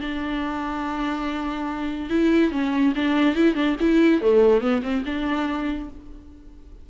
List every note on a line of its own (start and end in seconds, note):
0.00 2.10 D4
2.10 2.51 E4
2.51 2.93 C#4
2.95 3.35 D4
3.35 3.55 E4
3.55 3.76 D4
3.80 4.21 E4
4.21 4.61 A3
4.61 4.82 B3
4.82 5.03 C4
5.05 5.89 D4